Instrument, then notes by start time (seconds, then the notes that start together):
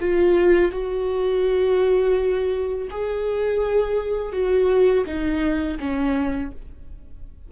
viola
0.00 F4
0.72 F#4
2.91 G#4
4.33 F#4
5.06 D#4
5.80 C#4